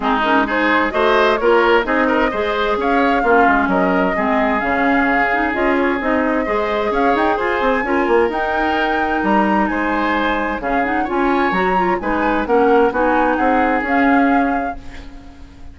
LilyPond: <<
  \new Staff \with { instrumentName = "flute" } { \time 4/4 \tempo 4 = 130 gis'8 ais'8 c''4 dis''4 cis''4 | dis''2 f''2 | dis''2 f''2 | dis''8 cis''8 dis''2 f''8 g''8 |
gis''2 g''2 | ais''4 gis''2 f''8 fis''8 | gis''4 ais''4 gis''4 fis''4 | gis''4 fis''4 f''2 | }
  \new Staff \with { instrumentName = "oboe" } { \time 4/4 dis'4 gis'4 c''4 ais'4 | gis'8 ais'8 c''4 cis''4 f'4 | ais'4 gis'2.~ | gis'2 c''4 cis''4 |
c''4 ais'2.~ | ais'4 c''2 gis'4 | cis''2 b'4 ais'4 | fis'4 gis'2. | }
  \new Staff \with { instrumentName = "clarinet" } { \time 4/4 c'8 cis'8 dis'4 fis'4 f'4 | dis'4 gis'2 cis'4~ | cis'4 c'4 cis'4. dis'8 | f'4 dis'4 gis'2~ |
gis'4 f'4 dis'2~ | dis'2. cis'8 dis'8 | f'4 fis'8 f'8 dis'4 cis'4 | dis'2 cis'2 | }
  \new Staff \with { instrumentName = "bassoon" } { \time 4/4 gis2 a4 ais4 | c'4 gis4 cis'4 ais8 gis8 | fis4 gis4 cis2 | cis'4 c'4 gis4 cis'8 dis'8 |
f'8 c'8 cis'8 ais8 dis'2 | g4 gis2 cis4 | cis'4 fis4 gis4 ais4 | b4 c'4 cis'2 | }
>>